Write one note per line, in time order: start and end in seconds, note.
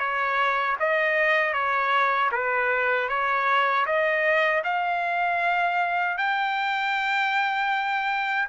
0.00 0.77 C#5
0.80 1.54 D#5
1.54 2.31 C#5
2.32 3.09 B4
3.09 3.86 C#5
3.87 4.64 D#5
4.64 6.18 F5
6.18 8.49 G5